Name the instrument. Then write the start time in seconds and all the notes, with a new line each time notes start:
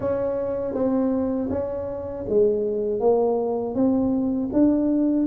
tuba
0.00 C#4
0.73 C4
1.50 C#4
2.29 G#3
3.00 A#3
3.74 C4
4.52 D4